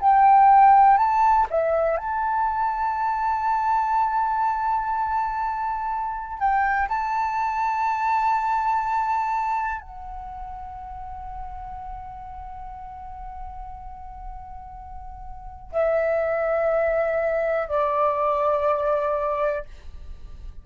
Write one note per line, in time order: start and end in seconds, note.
0.00 0.97 G5
0.97 1.46 A5
1.50 1.97 E5
1.97 6.39 A5
6.39 6.88 G5
6.89 9.81 A5
9.81 15.71 F#5
15.72 17.68 E5
17.68 19.65 D5